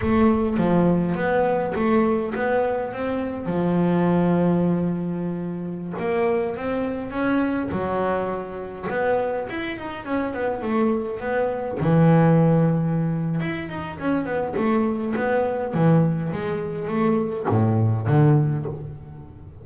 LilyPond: \new Staff \with { instrumentName = "double bass" } { \time 4/4 \tempo 4 = 103 a4 f4 b4 a4 | b4 c'4 f2~ | f2~ f16 ais4 c'8.~ | c'16 cis'4 fis2 b8.~ |
b16 e'8 dis'8 cis'8 b8 a4 b8.~ | b16 e2~ e8. e'8 dis'8 | cis'8 b8 a4 b4 e4 | gis4 a4 a,4 d4 | }